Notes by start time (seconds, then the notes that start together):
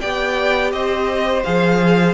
0.00 B3 G4 D5 G5
0.72 C4 C5 D#5
1.43 F3 G#4 F5